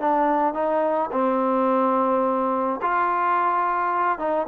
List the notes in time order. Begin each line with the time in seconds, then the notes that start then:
0.00 D4
0.54 D#4
1.12 C4
2.82 F4
4.18 D#4